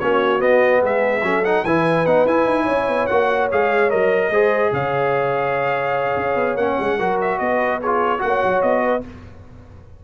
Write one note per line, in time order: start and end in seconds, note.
0.00 0.42 A#3
0.00 0.39 C#4
0.00 0.82 F#4
0.00 0.41 C#5
0.39 1.21 B3
0.39 0.82 B3
0.39 0.82 D#5
0.82 1.23 G#3
0.82 1.23 G#4
0.82 1.45 E5
1.23 1.64 F#3
1.23 1.44 C#4
1.23 1.65 A4
1.45 1.65 D#4
1.45 1.65 F#5
1.65 2.06 E3
1.65 2.07 E4
1.65 2.64 B4
1.65 2.06 G#5
2.06 2.25 B3
2.06 2.27 D#4
2.06 2.27 F#5
2.25 2.46 E4
2.25 3.10 E4
2.25 3.07 G#5
2.46 2.67 D#4
2.64 2.88 C#4
2.64 4.28 C#5
2.88 3.08 B3
3.07 3.51 A#3
3.07 3.51 F#4
3.07 3.48 F#5
3.52 3.93 G#3
3.52 3.90 G#4
3.52 3.90 F5
3.90 4.30 F#3
3.90 4.31 A#4
3.90 4.72 D#5
4.30 4.71 G#3
4.30 6.59 G#4
4.30 4.73 C5
4.72 6.16 C#3
4.72 6.98 C#5
4.72 6.57 F5
6.16 6.35 C#4
6.35 6.55 B3
6.55 6.76 A#3
6.55 6.99 C#4
6.55 7.18 F#5
6.80 7.00 G#3
6.98 7.40 F#3
6.98 7.81 F#4
6.98 7.39 A#4
7.21 7.39 E5
7.39 8.22 B3
7.39 7.80 B4
7.39 7.80 D#5
7.80 8.19 F4
7.80 8.22 G#4
7.80 8.21 C#5
8.19 8.43 A#3
8.19 9.01 F#4
8.19 8.62 F#5
8.27 8.84 C#5
8.44 8.63 F#3
8.62 9.04 B3
8.62 9.03 D#5
8.84 9.04 B4